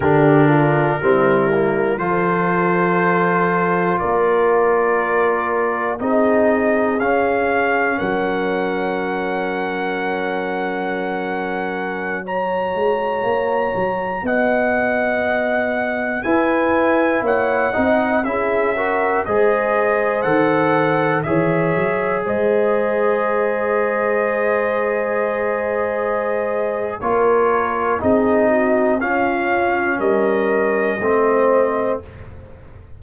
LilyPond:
<<
  \new Staff \with { instrumentName = "trumpet" } { \time 4/4 \tempo 4 = 60 ais'2 c''2 | d''2 dis''4 f''4 | fis''1~ | fis''16 ais''2 fis''4.~ fis''16~ |
fis''16 gis''4 fis''4 e''4 dis''8.~ | dis''16 fis''4 e''4 dis''4.~ dis''16~ | dis''2. cis''4 | dis''4 f''4 dis''2 | }
  \new Staff \with { instrumentName = "horn" } { \time 4/4 g'8 f'8 e'4 a'2 | ais'2 gis'2 | ais'1~ | ais'16 cis''2 dis''4.~ dis''16~ |
dis''16 b'4 cis''8 dis''8 gis'8 ais'8 c''8.~ | c''4~ c''16 cis''4 c''4.~ c''16~ | c''2. ais'4 | gis'8 fis'8 f'4 ais'4 c''4 | }
  \new Staff \with { instrumentName = "trombone" } { \time 4/4 d'4 c'8 ais8 f'2~ | f'2 dis'4 cis'4~ | cis'1~ | cis'16 fis'2.~ fis'8.~ |
fis'16 e'4. dis'8 e'8 fis'8 gis'8.~ | gis'16 a'4 gis'2~ gis'8.~ | gis'2. f'4 | dis'4 cis'2 c'4 | }
  \new Staff \with { instrumentName = "tuba" } { \time 4/4 d4 g4 f2 | ais2 c'4 cis'4 | fis1~ | fis8. gis8 ais8 fis8 b4.~ b16~ |
b16 e'4 ais8 c'8 cis'4 gis8.~ | gis16 dis4 e8 fis8 gis4.~ gis16~ | gis2. ais4 | c'4 cis'4 g4 a4 | }
>>